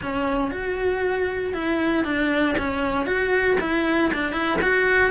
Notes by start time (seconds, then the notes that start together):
0.01 C#4
0.51 F#4
1.53 E4
2.04 D4
2.58 C#4
3.06 F#4
3.60 E4
4.13 D4
4.32 E4
4.61 F#4